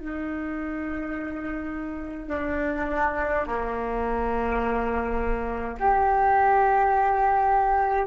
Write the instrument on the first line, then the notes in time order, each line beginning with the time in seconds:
flute
0.00 D#4
2.30 D4
3.47 A#3
5.80 G4